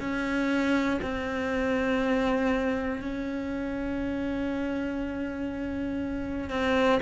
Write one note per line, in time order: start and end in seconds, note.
0.00 1.00 C#4
1.01 3.01 C4
3.01 6.50 C#4
6.50 7.00 C4